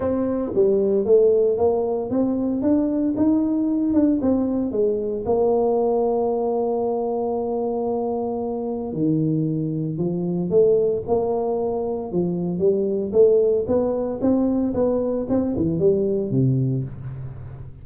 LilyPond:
\new Staff \with { instrumentName = "tuba" } { \time 4/4 \tempo 4 = 114 c'4 g4 a4 ais4 | c'4 d'4 dis'4. d'8 | c'4 gis4 ais2~ | ais1~ |
ais4 dis2 f4 | a4 ais2 f4 | g4 a4 b4 c'4 | b4 c'8 e8 g4 c4 | }